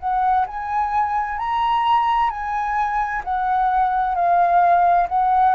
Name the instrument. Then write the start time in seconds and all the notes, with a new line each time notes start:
flute
0.00 F#5
0.47 G#5
1.38 A#5
2.30 G#5
3.25 F#5
4.15 F5
5.09 F#5